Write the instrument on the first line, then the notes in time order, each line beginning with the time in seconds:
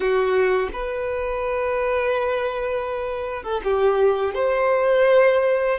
violin
0.00 F#4
0.73 B4
3.43 A4
3.63 G4
4.34 C5